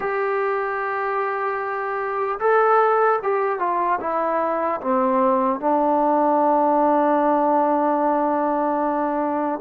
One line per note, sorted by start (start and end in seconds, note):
0.00 2.39 G4
2.39 3.19 A4
3.23 3.59 G4
3.59 3.99 F4
4.00 4.80 E4
4.80 5.60 C4
5.60 9.60 D4